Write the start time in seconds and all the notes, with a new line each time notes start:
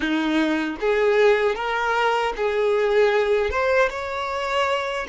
0.00 D#4
0.80 G#4
1.55 A#4
2.36 G#4
3.50 C5
3.90 C#5